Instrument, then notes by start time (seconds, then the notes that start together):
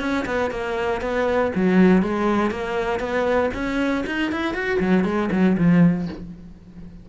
cello
0.00 C#4
0.26 B3
0.51 A#3
1.01 B3
1.55 F#3
2.02 G#3
2.51 A#3
3.00 B3
3.54 C#4
4.07 D#4
4.32 E4
4.54 F#4
4.80 F#3
5.05 G#3
5.32 F#3
5.58 F3